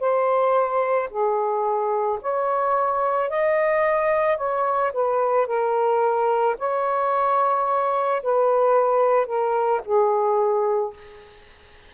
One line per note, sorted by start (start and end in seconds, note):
0.00 1.09 C5
1.10 2.19 G#4
2.22 3.30 C#5
3.30 4.37 D#5
4.37 4.92 C#5
4.93 5.47 B4
5.47 6.56 A#4
6.59 8.22 C#5
8.23 9.27 B4
9.27 9.81 A#4
9.85 10.94 G#4